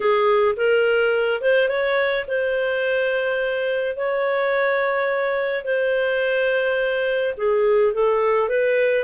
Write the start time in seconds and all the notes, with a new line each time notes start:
0.00 G#4
0.56 A#4
1.41 C5
1.68 C#5
2.27 C5
3.96 C#5
5.64 C5
7.37 G#4
7.93 A4
8.48 B4